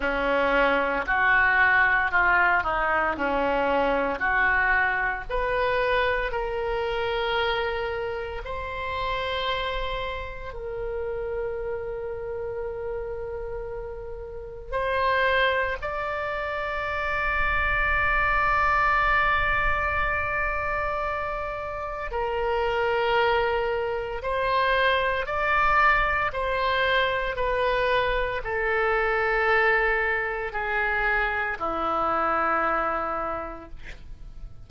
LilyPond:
\new Staff \with { instrumentName = "oboe" } { \time 4/4 \tempo 4 = 57 cis'4 fis'4 f'8 dis'8 cis'4 | fis'4 b'4 ais'2 | c''2 ais'2~ | ais'2 c''4 d''4~ |
d''1~ | d''4 ais'2 c''4 | d''4 c''4 b'4 a'4~ | a'4 gis'4 e'2 | }